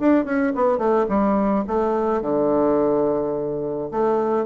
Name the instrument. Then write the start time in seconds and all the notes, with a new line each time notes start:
bassoon
0.00 D4
0.25 C#4
0.55 B3
0.78 A3
1.09 G3
1.67 A3
2.22 D3
3.91 A3